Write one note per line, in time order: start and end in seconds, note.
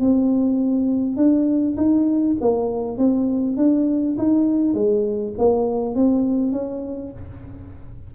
0.00 1.16 C4
1.16 1.76 D4
1.77 2.36 D#4
2.41 2.98 A#3
2.98 3.57 C4
3.57 4.16 D4
4.18 4.74 D#4
4.74 5.34 G#3
5.38 5.95 A#3
5.95 6.52 C4
6.52 7.12 C#4